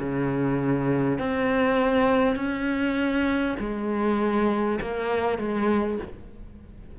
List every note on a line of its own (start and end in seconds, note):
0.00 1.19 C#3
1.19 2.36 C4
2.36 3.56 C#4
3.60 4.80 G#3
4.81 5.39 A#3
5.39 5.99 G#3